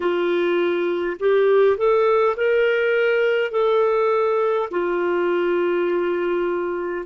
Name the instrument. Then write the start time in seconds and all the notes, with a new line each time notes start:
clarinet
0.00 F4
1.19 G4
1.76 A4
2.36 A#4
3.51 A4
4.71 F4